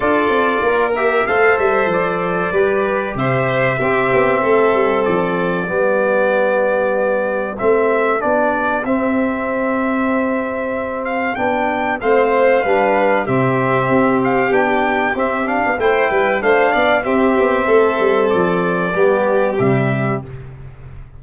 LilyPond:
<<
  \new Staff \with { instrumentName = "trumpet" } { \time 4/4 \tempo 4 = 95 d''4. e''8 f''8 e''8 d''4~ | d''4 e''2. | d''1 | e''4 d''4 e''2~ |
e''4. f''8 g''4 f''4~ | f''4 e''4. f''8 g''4 | e''8 f''8 g''4 f''4 e''4~ | e''4 d''2 e''4 | }
  \new Staff \with { instrumentName = "violin" } { \time 4/4 a'4 ais'4 c''2 | b'4 c''4 g'4 a'4~ | a'4 g'2.~ | g'1~ |
g'2. c''4 | b'4 g'2.~ | g'4 c''8 b'8 c''8 d''8 g'4 | a'2 g'2 | }
  \new Staff \with { instrumentName = "trombone" } { \time 4/4 f'4. g'8 a'2 | g'2 c'2~ | c'4 b2. | c'4 d'4 c'2~ |
c'2 d'4 c'4 | d'4 c'2 d'4 | c'8 d'8 e'4 d'4 c'4~ | c'2 b4 g4 | }
  \new Staff \with { instrumentName = "tuba" } { \time 4/4 d'8 c'8 ais4 a8 g8 f4 | g4 c4 c'8 b8 a8 g8 | f4 g2. | a4 b4 c'2~ |
c'2 b4 a4 | g4 c4 c'4 b4 | c'8. b16 a8 g8 a8 b8 c'8 b8 | a8 g8 f4 g4 c4 | }
>>